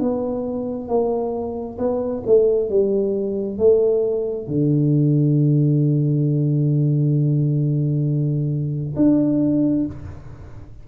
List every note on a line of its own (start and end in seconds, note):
0.00 0.89 B3
0.89 1.78 A#3
1.79 2.23 B3
2.27 2.70 A3
2.70 3.59 G3
3.59 4.48 A3
4.48 8.96 D3
8.96 9.85 D4